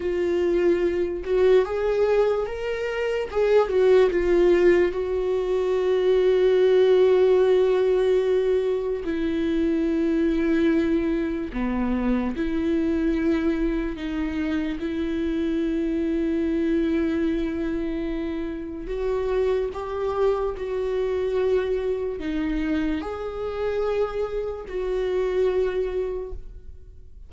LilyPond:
\new Staff \with { instrumentName = "viola" } { \time 4/4 \tempo 4 = 73 f'4. fis'8 gis'4 ais'4 | gis'8 fis'8 f'4 fis'2~ | fis'2. e'4~ | e'2 b4 e'4~ |
e'4 dis'4 e'2~ | e'2. fis'4 | g'4 fis'2 dis'4 | gis'2 fis'2 | }